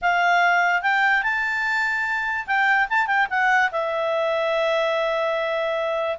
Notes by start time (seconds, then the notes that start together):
0.01 F5
0.81 G5
1.22 A5
2.47 G5
2.89 A5
3.06 G5
3.30 F#5
3.71 E5